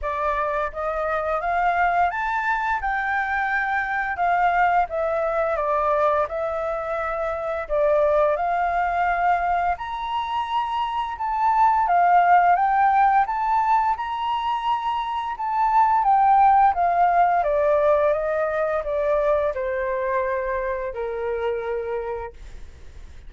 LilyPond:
\new Staff \with { instrumentName = "flute" } { \time 4/4 \tempo 4 = 86 d''4 dis''4 f''4 a''4 | g''2 f''4 e''4 | d''4 e''2 d''4 | f''2 ais''2 |
a''4 f''4 g''4 a''4 | ais''2 a''4 g''4 | f''4 d''4 dis''4 d''4 | c''2 ais'2 | }